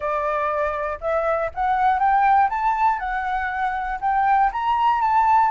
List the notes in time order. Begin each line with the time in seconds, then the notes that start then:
0.00 D5
1.00 E5
1.54 F#5
1.99 G5
2.49 A5
2.99 F#5
4.00 G5
4.52 A#5
5.01 A5